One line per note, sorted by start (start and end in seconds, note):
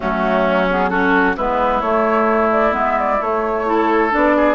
0.00 1.38 F#3
0.00 0.68 A3
0.00 0.90 C#4
0.00 0.69 F#4
0.70 0.90 B3
0.70 0.89 G#4
0.89 1.35 C#4
0.89 1.35 F#4
0.89 1.35 A4
1.36 1.81 G#3
1.36 1.83 B3
1.36 3.65 E4
1.36 1.81 B4
1.81 2.73 A3
1.81 2.71 A3
1.81 2.49 C#5
2.52 2.75 D5
2.71 3.19 G#3
2.71 3.17 B3
2.77 2.99 E5
2.99 3.21 D5
3.20 4.12 A3
3.20 3.65 A3
3.20 4.13 C#5
3.65 4.10 E4
3.65 4.36 A4
4.10 4.54 B3
4.10 4.54 D4
4.10 4.54 D5
4.36 4.54 G#4